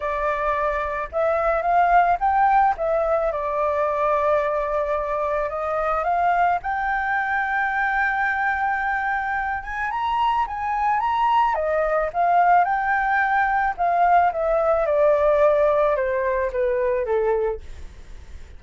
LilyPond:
\new Staff \with { instrumentName = "flute" } { \time 4/4 \tempo 4 = 109 d''2 e''4 f''4 | g''4 e''4 d''2~ | d''2 dis''4 f''4 | g''1~ |
g''4. gis''8 ais''4 gis''4 | ais''4 dis''4 f''4 g''4~ | g''4 f''4 e''4 d''4~ | d''4 c''4 b'4 a'4 | }